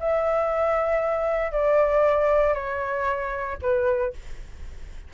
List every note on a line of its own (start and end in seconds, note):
0.00 1.52 E5
1.52 2.54 D5
2.54 3.58 C#5
3.62 4.14 B4